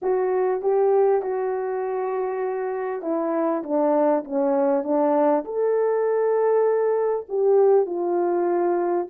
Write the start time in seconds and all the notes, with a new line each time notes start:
0.02 F#4
0.61 G4
1.21 F#4
3.02 E4
3.63 D4
4.24 C#4
4.83 D4
5.44 A4
7.29 G4
7.85 F4